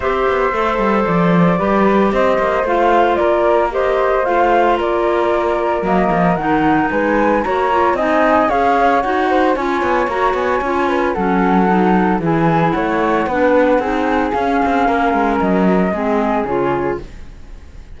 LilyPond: <<
  \new Staff \with { instrumentName = "flute" } { \time 4/4 \tempo 4 = 113 e''2 d''2 | dis''4 f''4 d''4 dis''4 | f''4 d''2 dis''4 | fis''4 gis''4 ais''4 gis''4 |
f''4 fis''4 gis''4 ais''8 gis''8~ | gis''4 fis''2 gis''4 | fis''2. f''4~ | f''4 dis''2 cis''4 | }
  \new Staff \with { instrumentName = "flute" } { \time 4/4 c''2. b'4 | c''2 ais'4 c''4~ | c''4 ais'2.~ | ais'4 b'4 cis''4 dis''4 |
cis''4. c''8 cis''2~ | cis''8 b'8 a'2 gis'4 | cis''4 b'4 gis'2 | ais'2 gis'2 | }
  \new Staff \with { instrumentName = "clarinet" } { \time 4/4 g'4 a'2 g'4~ | g'4 f'2 g'4 | f'2. ais4 | dis'2 fis'8 f'8 dis'4 |
gis'4 fis'4 f'4 fis'4 | f'4 cis'4 dis'4 e'4~ | e'4 d'4 dis'4 cis'4~ | cis'2 c'4 f'4 | }
  \new Staff \with { instrumentName = "cello" } { \time 4/4 c'8 b8 a8 g8 f4 g4 | c'8 ais8 a4 ais2 | a4 ais2 fis8 f8 | dis4 gis4 ais4 c'4 |
cis'4 dis'4 cis'8 b8 ais8 b8 | cis'4 fis2 e4 | a4 b4 c'4 cis'8 c'8 | ais8 gis8 fis4 gis4 cis4 | }
>>